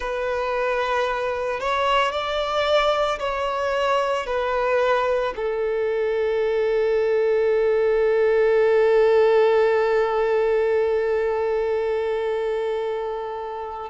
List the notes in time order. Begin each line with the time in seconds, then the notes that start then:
0.00 B4
1.60 C#5
2.11 D5
3.19 C#5
4.26 B4
5.36 A4